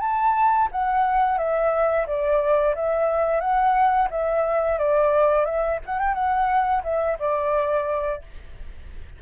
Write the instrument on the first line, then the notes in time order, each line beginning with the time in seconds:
flute
0.00 A5
0.71 F#5
1.38 E5
2.06 D5
2.75 E5
3.40 F#5
4.10 E5
4.78 D5
5.45 E5
5.85 F#5
5.99 G5
6.14 F#5
6.84 E5
7.19 D5